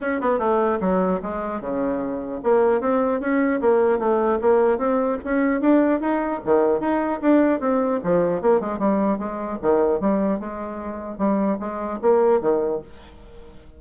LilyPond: \new Staff \with { instrumentName = "bassoon" } { \time 4/4 \tempo 4 = 150 cis'8 b8 a4 fis4 gis4 | cis2 ais4 c'4 | cis'4 ais4 a4 ais4 | c'4 cis'4 d'4 dis'4 |
dis4 dis'4 d'4 c'4 | f4 ais8 gis8 g4 gis4 | dis4 g4 gis2 | g4 gis4 ais4 dis4 | }